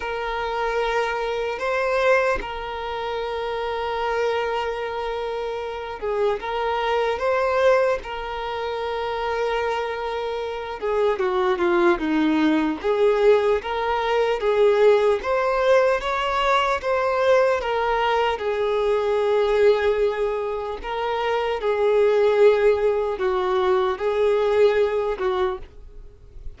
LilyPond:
\new Staff \with { instrumentName = "violin" } { \time 4/4 \tempo 4 = 75 ais'2 c''4 ais'4~ | ais'2.~ ais'8 gis'8 | ais'4 c''4 ais'2~ | ais'4. gis'8 fis'8 f'8 dis'4 |
gis'4 ais'4 gis'4 c''4 | cis''4 c''4 ais'4 gis'4~ | gis'2 ais'4 gis'4~ | gis'4 fis'4 gis'4. fis'8 | }